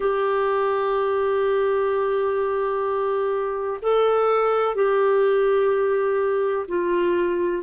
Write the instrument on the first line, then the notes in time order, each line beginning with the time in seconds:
clarinet
0.00 G4
3.81 A4
4.75 G4
6.68 F4